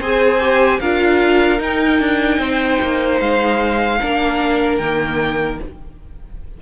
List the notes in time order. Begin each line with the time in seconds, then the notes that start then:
0.00 C4 G#4 C5 G#5
0.41 G4
0.80 D4 F4 A#4 F5
1.59 D#4 G5
2.00 D4
2.39 C4 C5
2.82 A#3
3.20 G#3 F5
4.01 A#3 D4 A#4
4.77 D#3 A#3 G5